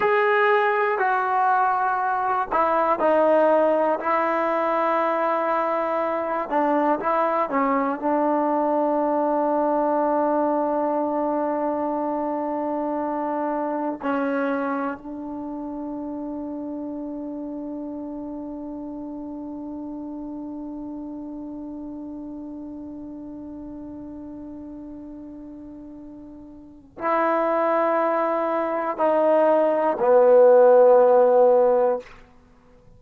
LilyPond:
\new Staff \with { instrumentName = "trombone" } { \time 4/4 \tempo 4 = 60 gis'4 fis'4. e'8 dis'4 | e'2~ e'8 d'8 e'8 cis'8 | d'1~ | d'2 cis'4 d'4~ |
d'1~ | d'1~ | d'2. e'4~ | e'4 dis'4 b2 | }